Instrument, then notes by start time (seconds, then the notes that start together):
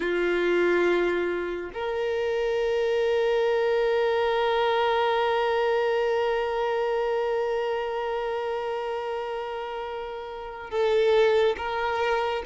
violin
0.00 F4
1.73 A#4
10.70 A4
11.57 A#4